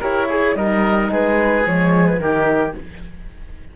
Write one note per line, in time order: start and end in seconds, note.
0.00 0.55 E4
0.00 0.28 G4
0.00 0.27 A#4
0.00 0.56 C#5
0.29 0.56 G#4
0.55 1.10 G3
0.55 1.65 D#4
0.55 1.12 A#4
0.55 1.10 D#5
1.11 1.66 G#3
1.11 2.21 G#4
1.11 1.67 B4
1.66 2.19 F3
1.66 2.20 G#3
1.66 2.07 C#5
2.07 2.20 B4
2.19 2.74 D#3
2.19 2.74 D#4
2.19 2.76 G4
2.19 2.75 A#4